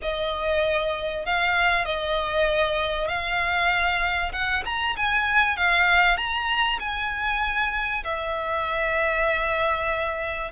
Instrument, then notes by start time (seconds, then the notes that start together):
violin
0.02 D#5
1.25 F5
1.85 D#5
3.08 F5
4.32 F#5
4.65 A#5
4.96 G#5
5.57 F5
6.17 A#5
6.79 G#5
8.04 E5